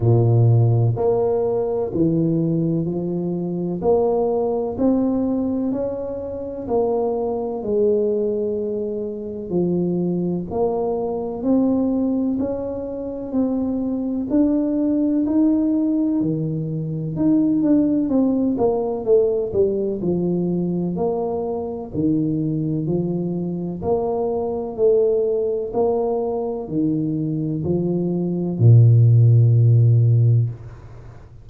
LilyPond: \new Staff \with { instrumentName = "tuba" } { \time 4/4 \tempo 4 = 63 ais,4 ais4 e4 f4 | ais4 c'4 cis'4 ais4 | gis2 f4 ais4 | c'4 cis'4 c'4 d'4 |
dis'4 dis4 dis'8 d'8 c'8 ais8 | a8 g8 f4 ais4 dis4 | f4 ais4 a4 ais4 | dis4 f4 ais,2 | }